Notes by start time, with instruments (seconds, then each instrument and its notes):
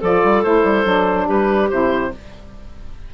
0.00 bassoon F3, saxophone F4, clarinet A4, oboe D5
0.24 bassoon G3
0.43 bassoon A3, saxophone E4, oboe C5
0.64 bassoon G3
0.84 bassoon F#3, saxophone D4
1.27 bassoon G3, clarinet G4, oboe B4
1.70 bassoon C3, saxophone E4, oboe C5